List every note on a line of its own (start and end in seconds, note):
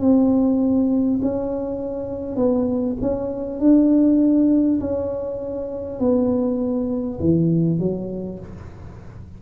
0.00 1.20 C4
1.22 2.36 C#4
2.36 2.96 B3
3.02 3.60 C#4
3.60 4.80 D4
4.80 5.99 C#4
5.99 7.19 B3
7.20 7.79 E3
7.79 8.39 F#3